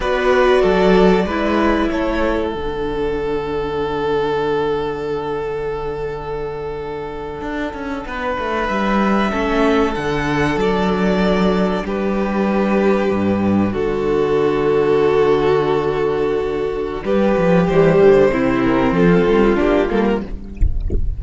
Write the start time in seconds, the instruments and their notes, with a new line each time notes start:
0.00 cello B3, viola F#4, violin B4 D5
0.62 cello F#3, violin A4
1.25 cello G#3, viola E4, violin B4
1.89 cello A3, violin A4 C#5
2.51 cello D3, viola D4, violin F#5
7.41 cello D4
7.73 cello C#4
8.05 cello B3, violin B4
8.38 cello A3
8.67 cello G3, violin E5
9.30 cello A3, viola C#4, violin A4
9.92 cello D3, viola D4, violin F#5
10.56 cello F#3, violin D5
11.83 cello G3, violin G4 B4
13.10 cello G2
13.72 cello D3, violin F#4 A4
17.03 cello G3, violin G4 B4
17.37 cello F3
17.67 cello E3, viola G3, violin C5
18.01 cello D3
18.31 cello C3, viola C4, violin E4
18.63 violin A#4
18.90 cello F3, violin F4 A4
19.27 cello G3
19.56 cello A#3, viola D4, violin G4
19.89 cello G3, viola A#3, violin A4
20.05 violin A#4